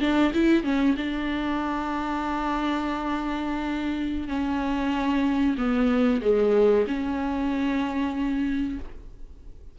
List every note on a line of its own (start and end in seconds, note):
0.00 0.32 D4
0.34 0.63 E4
0.63 0.95 C#4
0.97 4.28 D4
4.28 5.56 C#4
5.57 6.21 B3
6.21 6.85 G#3
6.87 8.79 C#4